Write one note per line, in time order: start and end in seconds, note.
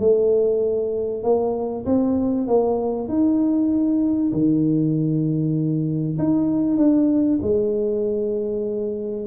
0.00 1.24 A3
1.24 1.86 A#3
1.86 2.48 C4
2.48 3.09 A#3
3.09 4.32 D#4
4.33 6.18 D#3
6.19 6.78 D#4
6.78 7.39 D4
7.42 9.27 G#3